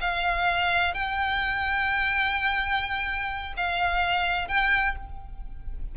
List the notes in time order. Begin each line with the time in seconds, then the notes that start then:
0.00 F5
0.94 G5
3.56 F5
4.48 G5